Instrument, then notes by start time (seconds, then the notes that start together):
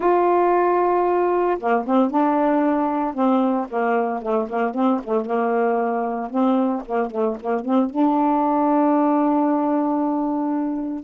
saxophone
0.00 F4
1.59 A#3
1.86 C4
2.10 D4
3.14 C4
3.69 A#3
4.22 A3
4.48 A#3
4.74 C4
5.04 A3
5.25 A#3
6.30 C4
6.85 A#3
7.10 A3
7.40 A#3
7.65 C4
7.89 D4